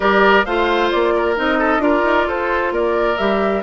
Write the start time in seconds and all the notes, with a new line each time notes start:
0.00 G3 G4 A#4 D5
0.45 A3 F4 C5 F5
0.90 A#3 D5
1.15 A#4
1.36 C4 D#4 D#5
1.58 A4
1.77 D4 F4 A#4 D5
2.03 D#4
2.26 F4 A4 C5
2.71 A#3 A#4 D5
3.17 G3 G4 E5